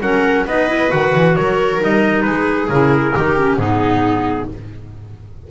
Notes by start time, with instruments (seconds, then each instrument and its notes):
0.00 double bass F#3, clarinet C#4, viola A#4, trumpet F#5
0.46 double bass B3, clarinet D#4, viola B4, trumpet D#5
0.68 clarinet E4
0.88 double bass D#3, clarinet F#4, trumpet F#5
1.15 double bass E3
1.35 double bass F#3, viola A#4, trumpet C#5
1.80 double bass G3, clarinet D#4, trumpet D#5
2.21 double bass G#3, viola G#4, trumpet B4
2.69 double bass C#3, clarinet E4, trumpet A#4
3.14 double bass D#3, clarinet D#4, viola G4
3.38 clarinet C#4
3.56 double bass G#2, clarinet B3, viola D#4, trumpet G#4